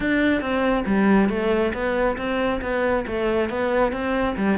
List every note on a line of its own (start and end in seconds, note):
0.00 0.41 D4
0.41 0.84 C4
0.85 1.29 G3
1.29 1.72 A3
1.73 2.17 B3
2.17 2.60 C4
2.61 3.05 B3
3.07 3.49 A3
3.49 3.92 B3
3.92 4.35 C4
4.37 4.58 G3